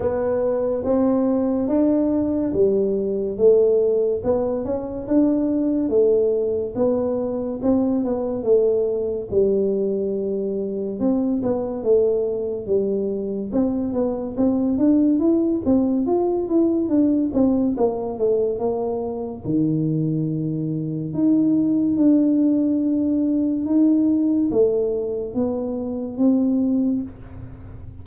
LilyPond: \new Staff \with { instrumentName = "tuba" } { \time 4/4 \tempo 4 = 71 b4 c'4 d'4 g4 | a4 b8 cis'8 d'4 a4 | b4 c'8 b8 a4 g4~ | g4 c'8 b8 a4 g4 |
c'8 b8 c'8 d'8 e'8 c'8 f'8 e'8 | d'8 c'8 ais8 a8 ais4 dis4~ | dis4 dis'4 d'2 | dis'4 a4 b4 c'4 | }